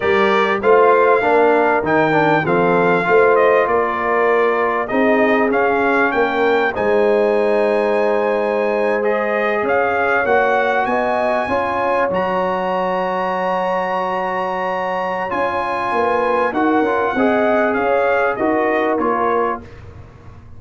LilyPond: <<
  \new Staff \with { instrumentName = "trumpet" } { \time 4/4 \tempo 4 = 98 d''4 f''2 g''4 | f''4. dis''8 d''2 | dis''4 f''4 g''4 gis''4~ | gis''2~ gis''8. dis''4 f''16~ |
f''8. fis''4 gis''2 ais''16~ | ais''1~ | ais''4 gis''2 fis''4~ | fis''4 f''4 dis''4 cis''4 | }
  \new Staff \with { instrumentName = "horn" } { \time 4/4 ais'4 c''4 ais'2 | a'4 c''4 ais'2 | gis'2 ais'4 c''4~ | c''2.~ c''8. cis''16~ |
cis''4.~ cis''16 dis''4 cis''4~ cis''16~ | cis''1~ | cis''2 b'4 ais'4 | dis''4 cis''4 ais'2 | }
  \new Staff \with { instrumentName = "trombone" } { \time 4/4 g'4 f'4 d'4 dis'8 d'8 | c'4 f'2. | dis'4 cis'2 dis'4~ | dis'2~ dis'8. gis'4~ gis'16~ |
gis'8. fis'2 f'4 fis'16~ | fis'1~ | fis'4 f'2 fis'8 f'8 | gis'2 fis'4 f'4 | }
  \new Staff \with { instrumentName = "tuba" } { \time 4/4 g4 a4 ais4 dis4 | f4 a4 ais2 | c'4 cis'4 ais4 gis4~ | gis2.~ gis8. cis'16~ |
cis'8. ais4 b4 cis'4 fis16~ | fis1~ | fis4 cis'4 ais4 dis'8 cis'8 | c'4 cis'4 dis'4 ais4 | }
>>